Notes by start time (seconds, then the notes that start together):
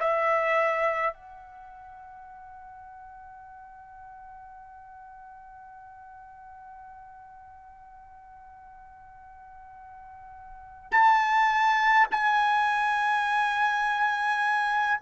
0.00 E5
1.13 F#5
10.92 A5
12.11 G#5